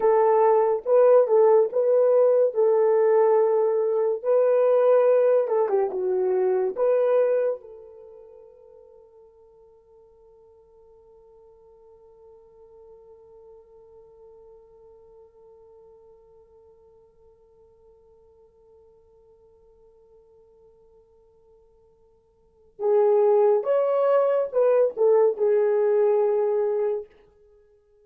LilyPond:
\new Staff \with { instrumentName = "horn" } { \time 4/4 \tempo 4 = 71 a'4 b'8 a'8 b'4 a'4~ | a'4 b'4. a'16 g'16 fis'4 | b'4 a'2.~ | a'1~ |
a'1~ | a'1~ | a'2. gis'4 | cis''4 b'8 a'8 gis'2 | }